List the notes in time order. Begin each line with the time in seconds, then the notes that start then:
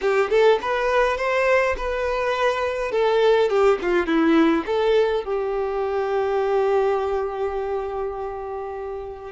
0.01 G4
0.29 A4
0.61 B4
1.17 C5
1.77 B4
2.91 A4
3.49 G4
3.81 F4
4.06 E4
4.66 A4
5.24 G4